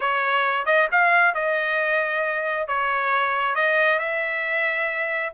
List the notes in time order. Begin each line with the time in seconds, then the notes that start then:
0.00 C#5
0.65 D#5
0.91 F5
1.34 D#5
2.67 C#5
3.55 D#5
3.99 E5